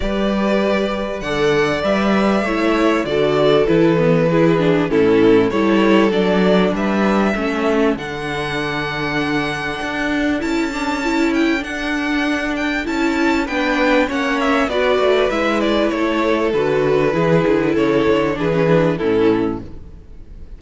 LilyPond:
<<
  \new Staff \with { instrumentName = "violin" } { \time 4/4 \tempo 4 = 98 d''2 fis''4 e''4~ | e''4 d''4 b'2 | a'4 cis''4 d''4 e''4~ | e''4 fis''2.~ |
fis''4 a''4. g''8 fis''4~ | fis''8 g''8 a''4 g''4 fis''8 e''8 | d''4 e''8 d''8 cis''4 b'4~ | b'4 cis''4 b'4 a'4 | }
  \new Staff \with { instrumentName = "violin" } { \time 4/4 b'2 d''2 | cis''4 a'2 gis'4 | e'4 a'2 b'4 | a'1~ |
a'1~ | a'2 b'4 cis''4 | b'2 a'2 | gis'4 a'4 gis'4 e'4 | }
  \new Staff \with { instrumentName = "viola" } { \time 4/4 g'2 a'4 b'4 | e'4 fis'4 e'8 b8 e'8 d'8 | cis'4 e'4 d'2 | cis'4 d'2.~ |
d'4 e'8 d'8 e'4 d'4~ | d'4 e'4 d'4 cis'4 | fis'4 e'2 fis'4 | e'2 d'16 cis'16 d'8 cis'4 | }
  \new Staff \with { instrumentName = "cello" } { \time 4/4 g2 d4 g4 | a4 d4 e2 | a,4 g4 fis4 g4 | a4 d2. |
d'4 cis'2 d'4~ | d'4 cis'4 b4 ais4 | b8 a8 gis4 a4 d4 | e8 d8 cis8 d8 e4 a,4 | }
>>